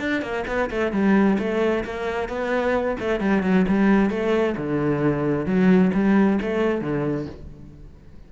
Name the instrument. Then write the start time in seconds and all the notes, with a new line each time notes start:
cello
0.00 D4
0.22 A#3
0.47 B3
0.70 A3
0.92 G3
1.39 A3
1.85 A#3
2.29 B3
3.00 A3
3.20 G3
3.43 F#3
3.69 G3
4.10 A3
4.57 D3
5.46 F#3
5.94 G3
6.42 A3
6.81 D3